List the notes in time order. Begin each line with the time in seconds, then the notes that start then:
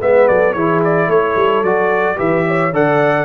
0.00 G#3 B3 B4 E5
0.27 F#3 A4 D5
0.52 E3 E4 G#4 C#5
0.84 D5
1.07 A3 A4 C#5
1.35 G3
1.62 F#3 F#4 D5
2.15 E3 G4 B4 E5
2.46 C#5
2.72 D3 A4 D5 F#5